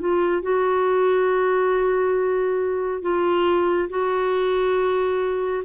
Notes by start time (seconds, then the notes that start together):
0.00 F4
0.43 F#4
3.02 F4
3.90 F#4